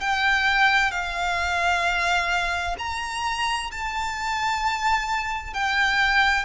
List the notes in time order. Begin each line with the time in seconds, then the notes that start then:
0.00 G5
0.91 F5
2.78 A#5
3.71 A5
5.54 G5